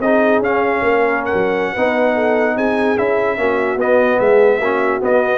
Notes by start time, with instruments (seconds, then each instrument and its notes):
0.00 tuba C4, trombone D#4, horn G#4, trumpet D#5
0.39 tuba C#4, trombone C#4, trumpet F5
0.82 tuba A#3, horn A#4
1.25 trumpet F#5
1.34 tuba F#3
1.73 tuba B3, trombone D#4, horn B4
2.15 horn A4
2.57 tuba C4, horn G#4, trumpet G#5
2.97 tuba C#4, trombone E4, trumpet E5
3.38 tuba A#3, trombone C#4, horn F#4
3.76 tuba B3, trombone B3, trumpet D#5
4.19 tuba G#3, horn G#4, trumpet E5
4.59 tuba A#3, trombone C#4, horn F#4
5.01 trombone B3, tuba B3, trumpet D#5